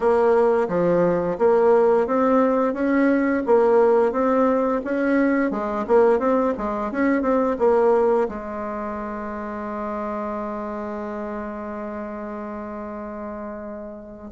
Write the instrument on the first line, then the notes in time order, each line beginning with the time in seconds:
bassoon
0.00 A#3
0.68 F3
1.38 A#3
2.06 C4
2.73 C#4
3.45 A#3
4.12 C4
4.84 C#4
5.50 G#3
5.87 A#3
6.19 C4
6.57 G#3
6.91 C#4
7.22 C4
7.59 A#3
8.28 G#3